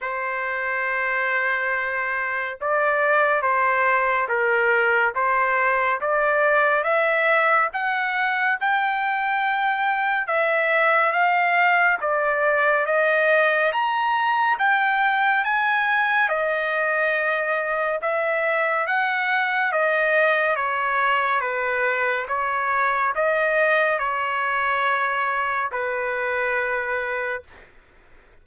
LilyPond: \new Staff \with { instrumentName = "trumpet" } { \time 4/4 \tempo 4 = 70 c''2. d''4 | c''4 ais'4 c''4 d''4 | e''4 fis''4 g''2 | e''4 f''4 d''4 dis''4 |
ais''4 g''4 gis''4 dis''4~ | dis''4 e''4 fis''4 dis''4 | cis''4 b'4 cis''4 dis''4 | cis''2 b'2 | }